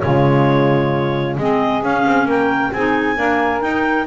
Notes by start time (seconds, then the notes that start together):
0.00 C#3 G#3 F4 C#5
1.37 G#3 C4 G#4 D#5
1.82 C#4 F5
2.06 C4
2.25 A#3 A#4 G5
2.72 C4 D#4 G#4 G#5
3.16 A#3 D4 A#4
3.61 D#4 G5